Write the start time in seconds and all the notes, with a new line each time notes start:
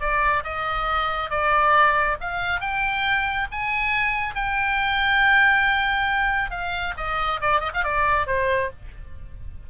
0.00 D5
0.44 D#5
1.30 D5
2.20 F5
2.60 G5
3.51 G#5
4.35 G5
6.51 F5
6.97 D#5
7.41 D5
7.60 D#5
7.74 F5
7.84 D5
8.26 C5